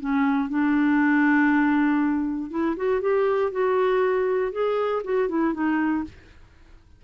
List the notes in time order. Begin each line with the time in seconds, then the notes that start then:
0.00 C#4
0.49 D4
2.50 E4
2.76 F#4
3.01 G4
3.52 F#4
4.52 G#4
5.04 F#4
5.29 E4
5.54 D#4